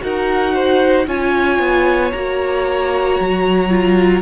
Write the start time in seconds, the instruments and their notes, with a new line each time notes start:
0.00 cello D#4, viola F#4, violin A#4 F#5
0.54 violin C5
1.06 cello C#4, viola F4, violin C#5 G#5
1.59 cello B3
2.12 cello A#3, viola F#4, violin A#5
3.20 cello F#3
3.70 viola F4